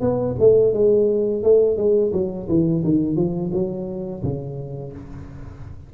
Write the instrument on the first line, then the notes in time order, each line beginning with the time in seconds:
tuba
0.00 B3
0.39 A3
0.73 G#3
1.43 A3
1.77 G#3
2.12 F#3
2.48 E3
2.84 D#3
3.16 F3
3.53 F#3
4.22 C#3